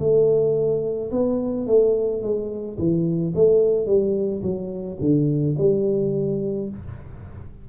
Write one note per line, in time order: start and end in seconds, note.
0.00 1.11 A3
1.12 1.67 B3
1.67 2.23 A3
2.23 2.78 G#3
2.78 3.34 E3
3.35 3.86 A3
3.86 4.42 G3
4.42 4.98 F#3
5.01 5.56 D3
5.58 6.69 G3